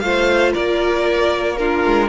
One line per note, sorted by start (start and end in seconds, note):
0.00 0.54 A3
0.00 1.58 F4
0.00 0.53 C5
0.00 0.52 F5
0.53 1.86 A#3
0.53 1.56 A#4
0.53 1.57 D5
1.57 2.09 D4
1.57 2.09 F4
1.57 2.09 A#4
1.86 2.09 G#3